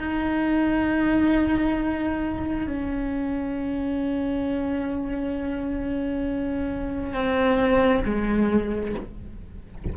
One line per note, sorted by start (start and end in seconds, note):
0.00 2.67 D#4
2.67 7.14 C#4
7.14 8.04 C4
8.06 8.95 G#3